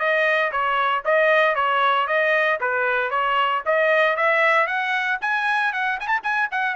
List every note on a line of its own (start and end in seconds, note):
0.00 0.52 D#5
0.52 1.03 C#5
1.05 1.56 D#5
1.56 2.07 C#5
2.08 2.59 D#5
2.61 3.11 B4
3.11 3.63 C#5
3.66 4.17 D#5
4.17 4.67 E5
4.67 5.19 F#5
5.21 5.73 G#5
5.73 5.99 F#5
6.00 6.08 G#5
6.08 6.21 A5
6.24 6.49 G#5
6.52 6.76 F#5